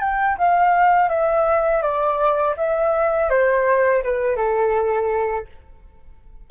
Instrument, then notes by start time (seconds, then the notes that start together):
flute
0.00 G5
0.38 F5
1.09 E5
1.82 D5
2.57 E5
3.30 C5
4.03 B4
4.36 A4